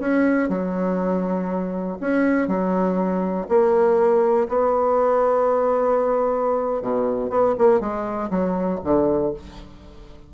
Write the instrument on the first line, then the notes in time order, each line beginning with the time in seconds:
bassoon
0.00 C#4
0.49 F#3
2.01 C#4
2.48 F#3
3.49 A#3
4.49 B3
6.82 B2
7.30 B3
7.59 A#3
7.81 G#3
8.31 F#3
8.84 D3